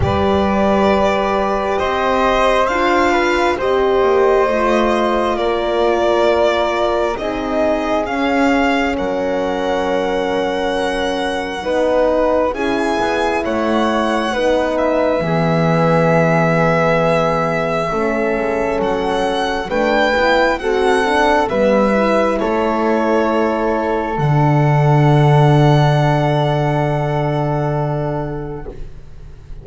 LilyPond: <<
  \new Staff \with { instrumentName = "violin" } { \time 4/4 \tempo 4 = 67 d''2 dis''4 f''4 | dis''2 d''2 | dis''4 f''4 fis''2~ | fis''2 gis''4 fis''4~ |
fis''8 e''2.~ e''8~ | e''4 fis''4 g''4 fis''4 | e''4 cis''2 fis''4~ | fis''1 | }
  \new Staff \with { instrumentName = "flute" } { \time 4/4 b'2 c''4. b'8 | c''2 ais'2 | gis'2 ais'2~ | ais'4 b'4 gis'4 cis''4 |
b'4 gis'2. | a'2 b'4 a'4 | b'4 a'2.~ | a'1 | }
  \new Staff \with { instrumentName = "horn" } { \time 4/4 g'2. f'4 | g'4 f'2. | dis'4 cis'2.~ | cis'4 dis'4 e'2 |
dis'4 b2. | cis'2 d'8 e'8 fis'8 d'8 | b8 e'2~ e'8 d'4~ | d'1 | }
  \new Staff \with { instrumentName = "double bass" } { \time 4/4 g2 c'4 d'4 | c'8 ais8 a4 ais2 | c'4 cis'4 fis2~ | fis4 b4 cis'8 b8 a4 |
b4 e2. | a8 gis8 fis4 a8 b8 c'4 | g4 a2 d4~ | d1 | }
>>